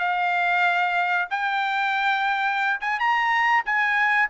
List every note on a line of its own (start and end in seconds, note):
0.00 1.29 F5
1.31 2.81 G5
2.81 3.00 G#5
3.00 3.64 A#5
3.66 4.30 G#5